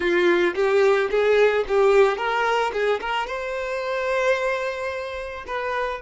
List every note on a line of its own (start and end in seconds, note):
0.00 0.54 F4
0.55 1.09 G4
1.10 1.64 G#4
1.68 2.17 G4
2.17 2.71 A#4
2.72 3.00 G#4
3.00 3.26 A#4
3.26 5.44 C5
5.46 6.01 B4